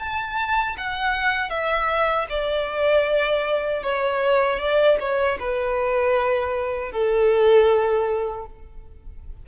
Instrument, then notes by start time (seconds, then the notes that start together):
violin
0.00 A5
0.78 F#5
1.50 E5
2.30 D5
3.84 C#5
4.60 D5
5.00 C#5
5.40 B4
6.92 A4